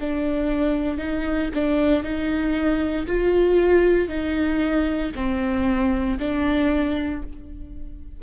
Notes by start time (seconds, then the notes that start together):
0.00 D4
0.98 D#4
1.55 D4
2.03 D#4
3.07 F4
4.08 D#4
5.15 C4
6.19 D4